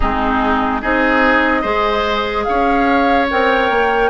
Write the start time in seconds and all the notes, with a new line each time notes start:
0.00 G#3 C4 D#4 G#4
0.81 C4 D#4 G#4 D#5
1.61 G#3 G#4 C5
2.43 C#4 C#5 F5
3.30 C4 A#4 G5
3.70 A#3